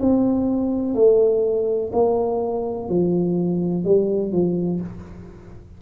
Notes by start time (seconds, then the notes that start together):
0.00 C4
0.94 A3
1.93 A#3
2.89 F3
3.84 G3
4.32 F3